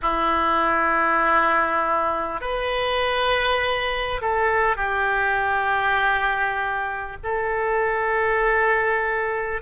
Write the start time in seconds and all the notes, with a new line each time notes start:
0.02 E4
2.41 B4
4.21 A4
4.76 G4
7.23 A4